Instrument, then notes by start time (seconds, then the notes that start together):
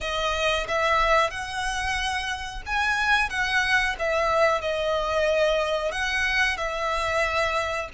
violin
0.00 D#5
0.67 E5
1.30 F#5
2.66 G#5
3.29 F#5
3.98 E5
4.61 D#5
5.91 F#5
6.57 E5